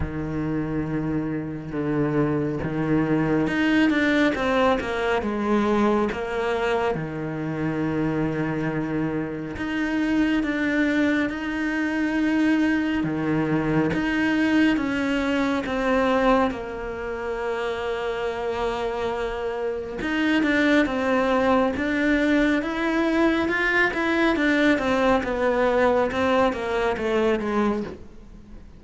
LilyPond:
\new Staff \with { instrumentName = "cello" } { \time 4/4 \tempo 4 = 69 dis2 d4 dis4 | dis'8 d'8 c'8 ais8 gis4 ais4 | dis2. dis'4 | d'4 dis'2 dis4 |
dis'4 cis'4 c'4 ais4~ | ais2. dis'8 d'8 | c'4 d'4 e'4 f'8 e'8 | d'8 c'8 b4 c'8 ais8 a8 gis8 | }